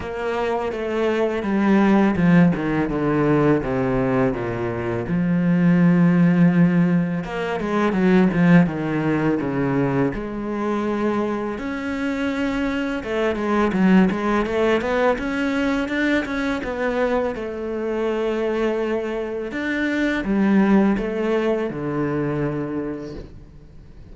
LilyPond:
\new Staff \with { instrumentName = "cello" } { \time 4/4 \tempo 4 = 83 ais4 a4 g4 f8 dis8 | d4 c4 ais,4 f4~ | f2 ais8 gis8 fis8 f8 | dis4 cis4 gis2 |
cis'2 a8 gis8 fis8 gis8 | a8 b8 cis'4 d'8 cis'8 b4 | a2. d'4 | g4 a4 d2 | }